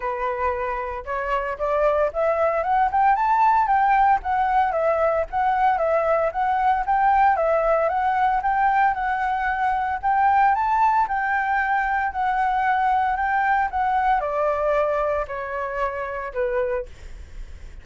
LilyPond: \new Staff \with { instrumentName = "flute" } { \time 4/4 \tempo 4 = 114 b'2 cis''4 d''4 | e''4 fis''8 g''8 a''4 g''4 | fis''4 e''4 fis''4 e''4 | fis''4 g''4 e''4 fis''4 |
g''4 fis''2 g''4 | a''4 g''2 fis''4~ | fis''4 g''4 fis''4 d''4~ | d''4 cis''2 b'4 | }